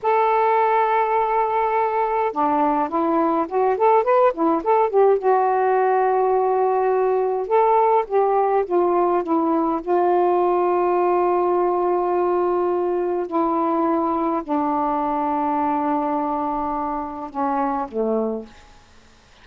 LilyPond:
\new Staff \with { instrumentName = "saxophone" } { \time 4/4 \tempo 4 = 104 a'1 | d'4 e'4 fis'8 a'8 b'8 e'8 | a'8 g'8 fis'2.~ | fis'4 a'4 g'4 f'4 |
e'4 f'2.~ | f'2. e'4~ | e'4 d'2.~ | d'2 cis'4 a4 | }